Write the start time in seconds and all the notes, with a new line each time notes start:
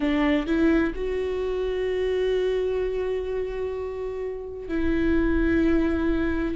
0.00 D4
0.46 E4
0.95 F#4
4.68 E4